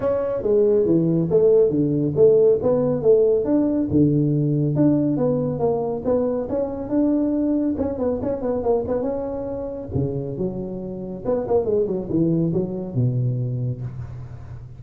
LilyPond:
\new Staff \with { instrumentName = "tuba" } { \time 4/4 \tempo 4 = 139 cis'4 gis4 e4 a4 | d4 a4 b4 a4 | d'4 d2 d'4 | b4 ais4 b4 cis'4 |
d'2 cis'8 b8 cis'8 b8 | ais8 b8 cis'2 cis4 | fis2 b8 ais8 gis8 fis8 | e4 fis4 b,2 | }